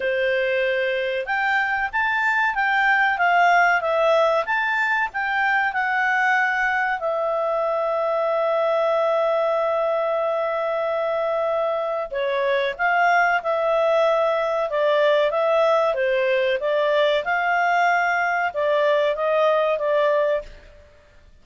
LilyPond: \new Staff \with { instrumentName = "clarinet" } { \time 4/4 \tempo 4 = 94 c''2 g''4 a''4 | g''4 f''4 e''4 a''4 | g''4 fis''2 e''4~ | e''1~ |
e''2. cis''4 | f''4 e''2 d''4 | e''4 c''4 d''4 f''4~ | f''4 d''4 dis''4 d''4 | }